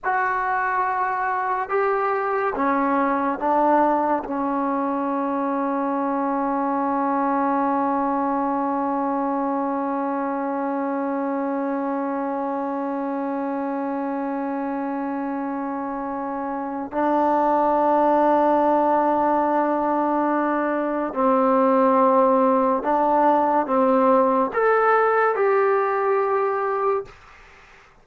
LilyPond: \new Staff \with { instrumentName = "trombone" } { \time 4/4 \tempo 4 = 71 fis'2 g'4 cis'4 | d'4 cis'2.~ | cis'1~ | cis'1~ |
cis'1 | d'1~ | d'4 c'2 d'4 | c'4 a'4 g'2 | }